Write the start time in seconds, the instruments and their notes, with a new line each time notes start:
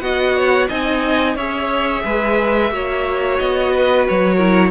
0.00 cello B3, viola F#4, violin D#5 F#5
0.36 violin C#5
0.68 cello C4, viola D#4, violin D#5 G#5
1.35 cello C#4, viola G#4, violin C#5 E5
2.04 cello G#3, violin B4
2.71 cello A#3, viola F#4, violin C#5
3.38 cello B3, violin D#5
3.73 violin B4
4.08 cello F#3, violin C#5
4.35 viola E4, violin A#4